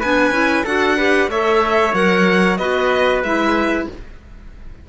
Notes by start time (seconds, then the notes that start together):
0.00 B3 D4 B4 G#5
0.31 C#4 E4
0.65 D4 F#4 A4 F#5
0.97 G4 B4
1.28 A3 A4 C#5 E5
1.94 F#3 A#4 F#5
2.58 B3 F#4 B4 D#5
3.23 G#3 E4 E5